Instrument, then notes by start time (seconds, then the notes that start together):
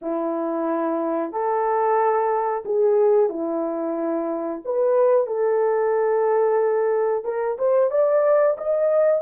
horn
0.01 E4
1.32 A4
2.65 G#4
3.29 E4
4.65 B4
5.27 A4
7.24 A#4
7.58 C5
7.90 D5
8.57 D#5